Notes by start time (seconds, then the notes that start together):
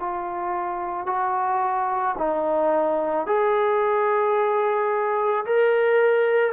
0.00 F4
1.07 F#4
2.18 D#4
3.27 G#4
5.45 A#4